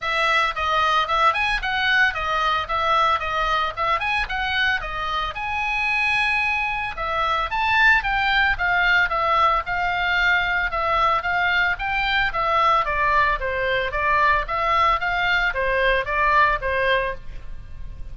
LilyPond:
\new Staff \with { instrumentName = "oboe" } { \time 4/4 \tempo 4 = 112 e''4 dis''4 e''8 gis''8 fis''4 | dis''4 e''4 dis''4 e''8 gis''8 | fis''4 dis''4 gis''2~ | gis''4 e''4 a''4 g''4 |
f''4 e''4 f''2 | e''4 f''4 g''4 e''4 | d''4 c''4 d''4 e''4 | f''4 c''4 d''4 c''4 | }